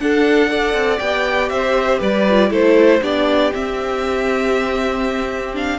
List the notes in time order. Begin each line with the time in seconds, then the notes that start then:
0.00 D4 A4 F#5
0.49 A4 D5
0.73 C4
0.99 B3 G4 G5
1.49 C4 C5 E5
1.99 G3 B4 D5
2.30 F4
2.50 A3 E4 A4 C5
3.02 B3 D4 G4 D5
3.53 C4 E5
5.54 D4 F5